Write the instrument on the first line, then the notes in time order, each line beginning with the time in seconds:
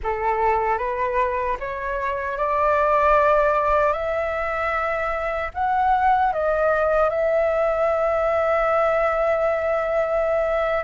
flute
0.03 A4
0.78 B4
1.59 C#5
2.37 D5
3.93 E5
5.54 F#5
6.33 D#5
7.09 E5